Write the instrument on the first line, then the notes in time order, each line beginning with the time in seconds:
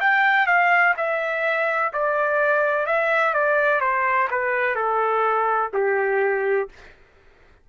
trumpet
0.00 G5
0.46 F5
0.97 E5
1.93 D5
2.86 E5
3.33 D5
3.81 C5
4.30 B4
4.75 A4
5.73 G4